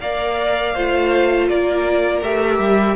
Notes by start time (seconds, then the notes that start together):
0.00 A#3 A#4 D5 F5
0.74 A3 F4 C5
1.49 A#3 A#4 D5
2.22 A3 G4 E5
2.59 G3